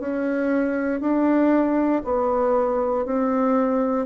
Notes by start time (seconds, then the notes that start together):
0.00 C#4
1.01 D4
2.04 B3
3.06 C4